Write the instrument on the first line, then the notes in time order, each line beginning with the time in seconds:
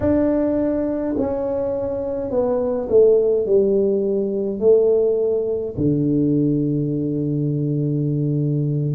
tuba
0.00 D4
1.17 C#4
2.30 B3
2.89 A3
3.46 G3
4.59 A3
5.77 D3